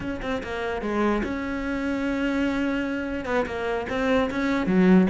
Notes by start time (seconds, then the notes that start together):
0.00 C#4
0.22 C4
0.43 A#3
0.81 G#3
1.23 C#4
3.25 B3
3.46 A#3
3.89 C4
4.30 C#4
4.66 F#3